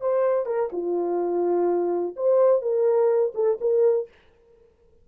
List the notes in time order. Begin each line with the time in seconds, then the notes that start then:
0.00 C5
0.45 A#4
0.72 F4
2.16 C5
2.61 A#4
3.34 A4
3.60 A#4